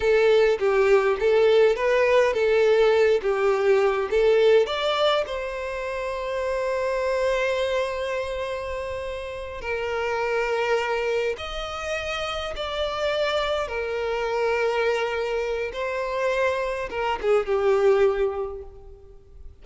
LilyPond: \new Staff \with { instrumentName = "violin" } { \time 4/4 \tempo 4 = 103 a'4 g'4 a'4 b'4 | a'4. g'4. a'4 | d''4 c''2.~ | c''1~ |
c''8 ais'2. dis''8~ | dis''4. d''2 ais'8~ | ais'2. c''4~ | c''4 ais'8 gis'8 g'2 | }